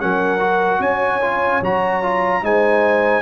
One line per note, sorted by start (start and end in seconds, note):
0.00 0.80 F#3
0.00 0.39 C#4
0.00 0.80 A#4
0.00 0.81 F#5
0.39 1.20 F#4
0.80 1.61 C#4
0.80 2.42 C#5
0.80 1.62 G#5
1.22 1.62 F4
1.61 2.42 F#3
1.61 2.02 F#4
1.61 2.45 A#5
2.02 2.42 F4
2.42 3.22 G#3
2.42 3.22 D#4
2.42 3.22 C5
2.42 3.22 G#5